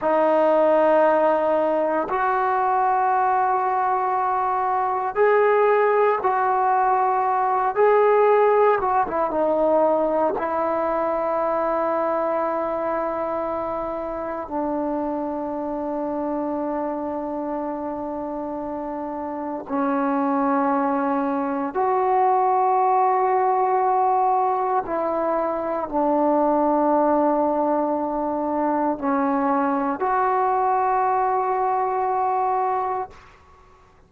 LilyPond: \new Staff \with { instrumentName = "trombone" } { \time 4/4 \tempo 4 = 58 dis'2 fis'2~ | fis'4 gis'4 fis'4. gis'8~ | gis'8 fis'16 e'16 dis'4 e'2~ | e'2 d'2~ |
d'2. cis'4~ | cis'4 fis'2. | e'4 d'2. | cis'4 fis'2. | }